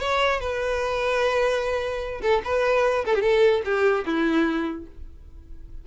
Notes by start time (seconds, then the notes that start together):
0.00 C#5
0.40 B4
2.21 A4
2.45 B4
3.05 A4
3.15 G4
3.22 A4
3.65 G4
4.06 E4